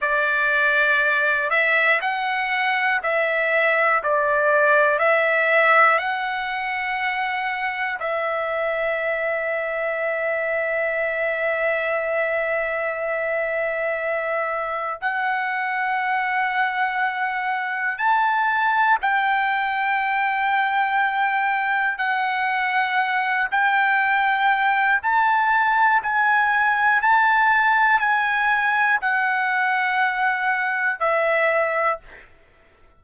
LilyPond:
\new Staff \with { instrumentName = "trumpet" } { \time 4/4 \tempo 4 = 60 d''4. e''8 fis''4 e''4 | d''4 e''4 fis''2 | e''1~ | e''2. fis''4~ |
fis''2 a''4 g''4~ | g''2 fis''4. g''8~ | g''4 a''4 gis''4 a''4 | gis''4 fis''2 e''4 | }